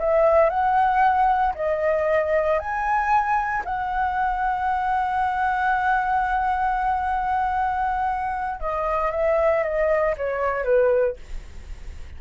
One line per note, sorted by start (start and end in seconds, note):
0.00 0.50 E5
0.50 1.54 F#5
1.55 2.59 D#5
2.59 3.64 G#5
3.65 8.60 F#5
8.60 9.12 D#5
9.12 9.64 E5
9.64 10.16 D#5
10.17 10.64 C#5
10.64 11.17 B4